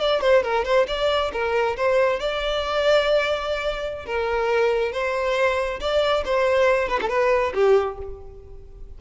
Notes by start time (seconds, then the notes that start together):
0.00 D5
0.21 C5
0.43 A#4
0.65 C5
0.88 D5
1.33 A#4
1.77 C5
2.20 D5
4.06 A#4
4.92 C5
5.80 D5
6.25 C5
6.89 B4
7.02 A4
7.09 B4
7.54 G4